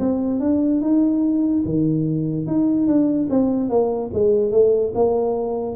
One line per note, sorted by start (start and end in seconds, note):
0.00 0.40 C4
0.40 0.81 D4
0.82 1.64 D#4
1.66 2.47 D#3
2.47 2.88 D#4
2.88 3.29 D4
3.30 3.70 C4
3.70 4.11 A#3
4.14 4.52 G#3
4.52 4.93 A3
4.95 5.76 A#3